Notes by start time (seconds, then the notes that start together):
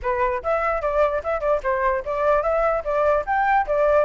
0.02 B4
0.43 E5
0.81 D5
1.23 E5
1.40 D5
1.63 C5
2.05 D5
2.42 E5
2.84 D5
3.26 G5
3.66 D5